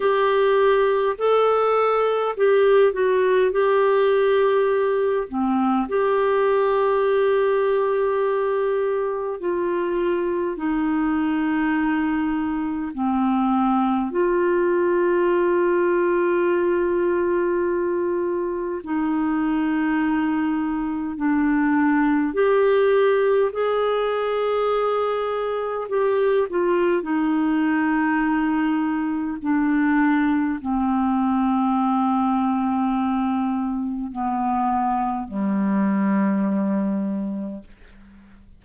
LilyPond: \new Staff \with { instrumentName = "clarinet" } { \time 4/4 \tempo 4 = 51 g'4 a'4 g'8 fis'8 g'4~ | g'8 c'8 g'2. | f'4 dis'2 c'4 | f'1 |
dis'2 d'4 g'4 | gis'2 g'8 f'8 dis'4~ | dis'4 d'4 c'2~ | c'4 b4 g2 | }